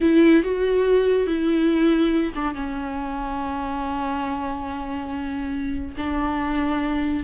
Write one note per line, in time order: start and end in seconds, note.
0.01 0.43 E4
0.43 1.27 F#4
1.27 2.33 E4
2.35 2.54 D4
2.54 5.95 C#4
5.97 7.23 D4